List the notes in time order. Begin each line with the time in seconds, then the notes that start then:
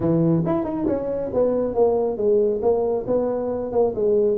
0.00 E3
0.45 E4
0.64 D#4
0.87 C#4
1.33 B3
1.74 A#3
2.17 G#3
2.62 A#3
3.07 B3
3.72 A#3
3.95 G#3